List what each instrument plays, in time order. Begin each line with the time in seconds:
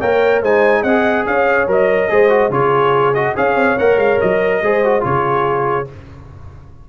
0.00 tuba A#3, trombone A#4, horn C#5, trumpet G5
0.42 tuba G#3, trombone D#4, horn C5, trumpet G#5
0.81 tuba C4, horn D#5, trumpet F#5
0.87 trombone G#4
1.26 tuba C#4, horn C#5, trumpet F5
1.67 tuba F#3, trombone A#4, trumpet D#5
2.09 tuba G#3, trombone G#4, horn C5
2.30 trombone F#4
2.50 tuba C#3, trombone F4, horn G#4, trumpet C#5
3.14 trombone F#4, trumpet D#5
3.36 tuba C#4, trombone G#4, horn C#5, trumpet F5
3.56 tuba C4
3.78 tuba A#3, trombone A#4, trumpet F#5
3.97 tuba G#3, trumpet F5
4.21 tuba F#3, trumpet D#5
4.62 tuba G#3, trombone G#4, horn C5
4.84 trombone F#4
5.01 tuba C#3, trombone F4, horn G#4, trumpet C#5